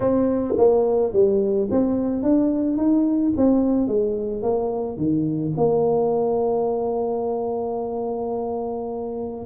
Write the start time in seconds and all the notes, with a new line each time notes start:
0.00 C4
0.57 A#3
1.12 G3
1.70 C4
2.22 D4
2.77 D#4
3.37 C4
3.87 G#3
4.42 A#3
4.97 D#3
5.57 A#3